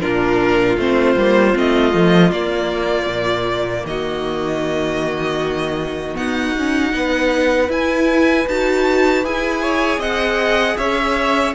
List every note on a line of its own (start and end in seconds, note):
0.00 0.77 A#2
0.00 0.77 D4
0.00 3.85 F4
0.00 0.77 A#4
0.77 1.16 A3
0.77 1.17 C4
0.77 1.57 C5
1.16 1.54 G3
1.16 1.53 A#3
1.53 1.94 A3
1.53 1.92 C4
1.53 2.32 D#5
1.93 2.32 F3
1.93 2.32 A3
2.32 3.06 A#3
2.32 6.15 A#3
2.32 3.85 D5
3.06 3.83 A#2
3.85 6.16 D#3
3.85 6.96 F#4
3.85 6.16 D#5
6.15 6.53 B3
6.15 6.93 D#4
6.15 7.70 F#5
6.58 6.90 C#4
6.90 7.69 B3
6.90 7.67 D#4
6.90 9.61 B4
7.69 8.46 E4
7.69 8.48 G#5
8.47 9.24 D#4
8.47 9.24 F#4
8.47 9.25 A5
9.24 9.98 E4
9.24 11.54 G#4
9.24 10.01 G#5
9.61 9.99 C#5
9.98 10.75 C4
9.98 10.76 D#5
9.98 10.77 F#5
10.77 11.54 C#4
10.77 11.54 C#5
10.77 11.54 E5